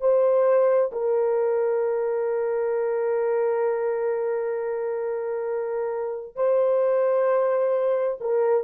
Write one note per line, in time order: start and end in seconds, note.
0.00 0.91 C5
0.91 6.35 A#4
6.35 8.17 C5
8.20 8.64 A#4